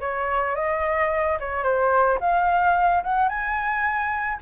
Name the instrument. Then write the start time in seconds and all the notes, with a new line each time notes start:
flute
0.00 C#5
0.55 D#5
1.39 C#5
1.63 C5
2.20 F5
3.03 F#5
3.28 G#5